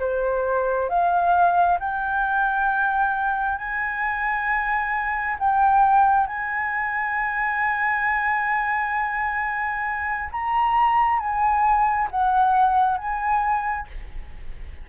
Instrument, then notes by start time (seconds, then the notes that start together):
flute
0.00 C5
0.90 F5
1.80 G5
3.58 G#5
5.40 G5
6.27 G#5
10.32 A#5
11.19 G#5
12.11 F#5
12.98 G#5